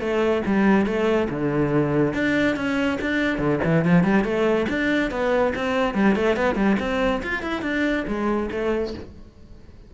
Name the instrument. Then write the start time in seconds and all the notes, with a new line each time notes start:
cello
0.00 A3
0.46 G3
0.86 A3
1.30 D3
2.14 D4
2.56 C#4
3.01 D4
3.39 D3
3.64 E3
3.85 F3
4.04 G3
4.24 A3
4.69 D4
5.11 B3
5.55 C4
5.94 G3
6.16 A3
6.36 B3
6.55 G3
6.80 C4
7.23 F4
7.42 E4
7.62 D4
8.08 G#3
8.52 A3